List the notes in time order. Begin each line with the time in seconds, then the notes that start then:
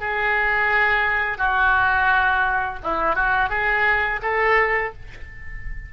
0.00 G#4
1.38 F#4
2.84 E4
3.16 F#4
3.50 G#4
4.23 A4